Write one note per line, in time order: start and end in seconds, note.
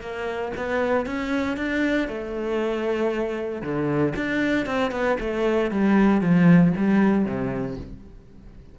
0.00 0.52 A#3
0.57 1.06 B3
1.06 1.57 C#4
1.57 2.08 D4
2.08 3.62 A3
3.62 4.13 D3
4.16 4.66 D4
4.66 4.91 C4
4.91 5.17 B3
5.20 5.70 A3
5.70 6.21 G3
6.21 6.73 F3
6.77 7.25 G3
7.25 7.77 C3